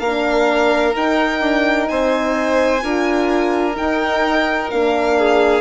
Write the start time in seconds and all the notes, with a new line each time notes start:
0.00 A#3 A#4 F5
0.06 D4
0.94 D#4 G5
1.41 D4
1.89 C4 C5 G#5
2.82 D4 F4 A#4
3.73 D#4 G5
3.81 D#4
4.71 A#3 D4 F5
5.18 G#4